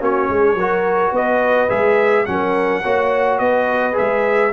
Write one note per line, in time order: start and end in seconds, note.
0.00 0.28 A#3
0.00 0.57 C#4
0.00 0.29 F#4
0.00 1.15 C#5
0.29 0.54 G#3
0.29 0.56 G#4
0.54 1.10 F#3
0.54 1.68 F#4
0.54 1.12 A#4
1.12 1.68 B3
1.12 2.25 B4
1.12 1.69 D#5
1.68 2.27 G#3
1.68 2.25 G#4
1.68 2.25 E5
2.25 2.83 F#3
2.25 2.83 C#4
2.25 2.82 A#4
2.25 3.38 F#5
2.82 3.39 A#3
2.82 3.93 F#4
2.82 3.38 C#5
3.38 3.96 B3
3.38 4.52 B4
3.38 3.95 D#5
3.93 4.49 G#4
3.93 4.53 E5
3.99 4.53 G#3